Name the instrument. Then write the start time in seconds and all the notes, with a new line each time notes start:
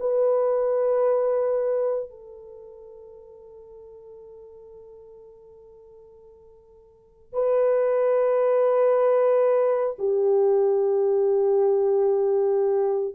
horn
0.00 B4
2.10 A4
7.33 B4
9.99 G4